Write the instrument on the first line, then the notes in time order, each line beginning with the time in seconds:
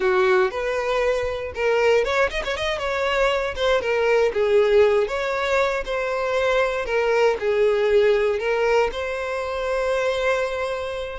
violin
0.00 F#4
0.51 B4
1.54 A#4
2.04 C#5
2.30 D#5
2.44 C#5
2.56 D#5
2.78 C#5
3.55 C5
3.81 A#4
4.33 G#4
5.07 C#5
5.85 C5
6.85 A#4
7.39 G#4
8.39 A#4
8.92 C5